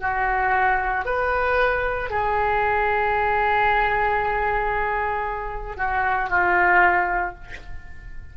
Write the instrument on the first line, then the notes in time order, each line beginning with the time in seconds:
oboe
0.00 F#4
1.05 B4
2.10 G#4
5.77 F#4
6.30 F4